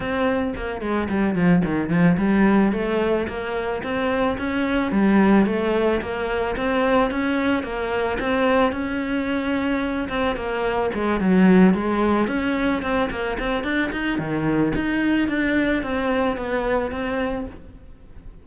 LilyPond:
\new Staff \with { instrumentName = "cello" } { \time 4/4 \tempo 4 = 110 c'4 ais8 gis8 g8 f8 dis8 f8 | g4 a4 ais4 c'4 | cis'4 g4 a4 ais4 | c'4 cis'4 ais4 c'4 |
cis'2~ cis'8 c'8 ais4 | gis8 fis4 gis4 cis'4 c'8 | ais8 c'8 d'8 dis'8 dis4 dis'4 | d'4 c'4 b4 c'4 | }